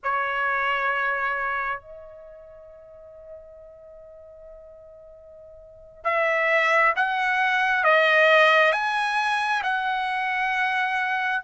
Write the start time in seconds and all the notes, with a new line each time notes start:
0.02 C#5
1.80 D#5
6.04 E5
6.96 F#5
7.84 D#5
8.72 G#5
9.62 F#5